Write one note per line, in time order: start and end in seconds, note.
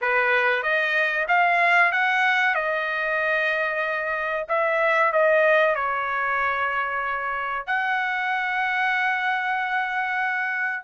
0.01 0.62 B4
0.62 1.26 D#5
1.28 1.91 F5
1.92 2.54 F#5
2.54 4.46 D#5
4.48 5.12 E5
5.12 5.75 D#5
5.75 7.66 C#5
7.66 10.84 F#5